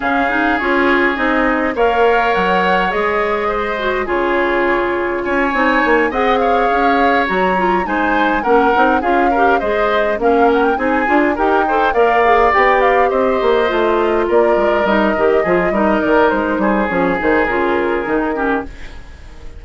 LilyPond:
<<
  \new Staff \with { instrumentName = "flute" } { \time 4/4 \tempo 4 = 103 f''4 cis''4 dis''4 f''4 | fis''4 dis''2 cis''4~ | cis''4 gis''4. fis''8 f''4~ | f''8 ais''4 gis''4 fis''4 f''8~ |
f''8 dis''4 f''8 fis''16 g''16 gis''4 g''8~ | g''8 f''4 g''8 f''8 dis''4.~ | dis''8 d''4 dis''2 d''8 | c''4 cis''8 c''8 ais'2 | }
  \new Staff \with { instrumentName = "oboe" } { \time 4/4 gis'2. cis''4~ | cis''2 c''4 gis'4~ | gis'4 cis''4. dis''8 cis''4~ | cis''4. c''4 ais'4 gis'8 |
ais'8 c''4 ais'4 gis'4 ais'8 | c''8 d''2 c''4.~ | c''8 ais'2 gis'8 ais'4~ | ais'8 gis'2. g'8 | }
  \new Staff \with { instrumentName = "clarinet" } { \time 4/4 cis'8 dis'8 f'4 dis'4 ais'4~ | ais'4 gis'4. fis'8 f'4~ | f'4. dis'4 gis'4.~ | gis'8 fis'8 f'8 dis'4 cis'8 dis'8 f'8 |
g'8 gis'4 cis'4 dis'8 f'8 g'8 | a'8 ais'8 gis'8 g'2 f'8~ | f'4. dis'8 g'8 f'8 dis'4~ | dis'4 cis'8 dis'8 f'4 dis'8 cis'8 | }
  \new Staff \with { instrumentName = "bassoon" } { \time 4/4 cis4 cis'4 c'4 ais4 | fis4 gis2 cis4~ | cis4 cis'8 c'8 ais8 c'4 cis'8~ | cis'8 fis4 gis4 ais8 c'8 cis'8~ |
cis'8 gis4 ais4 c'8 d'8 dis'8~ | dis'8 ais4 b4 c'8 ais8 a8~ | a8 ais8 gis8 g8 dis8 f8 g8 dis8 | gis8 g8 f8 dis8 cis4 dis4 | }
>>